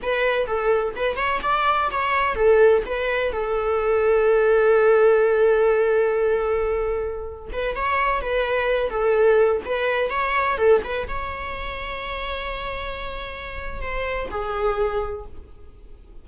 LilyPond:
\new Staff \with { instrumentName = "viola" } { \time 4/4 \tempo 4 = 126 b'4 a'4 b'8 cis''8 d''4 | cis''4 a'4 b'4 a'4~ | a'1~ | a'2.~ a'8. b'16~ |
b'16 cis''4 b'4. a'4~ a'16~ | a'16 b'4 cis''4 a'8 b'8 cis''8.~ | cis''1~ | cis''4 c''4 gis'2 | }